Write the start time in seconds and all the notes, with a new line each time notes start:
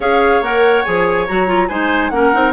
0.00 C#4 G#4 C#5 F5
0.41 A#3 A#4 F#5
0.84 F3 G#4 G#5
1.27 F#3 F#4 A#5
1.47 F4
1.68 G#3 D#4 C5 G#5
2.09 A#3 C#4 A#4 F#5
2.33 C4 D#4